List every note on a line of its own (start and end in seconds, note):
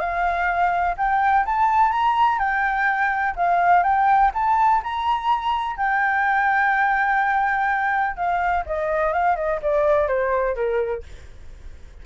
0.00 0.96 F5
0.97 1.45 G5
1.45 1.91 A5
1.91 2.39 A#5
2.39 3.35 G5
3.36 3.83 F5
3.83 4.31 G5
4.34 4.82 A5
4.83 5.76 A#5
5.76 8.16 G5
8.16 8.64 F5
8.66 9.12 D#5
9.12 9.36 F5
9.36 9.60 D#5
9.62 10.08 D5
10.08 10.55 C5
10.55 11.03 A#4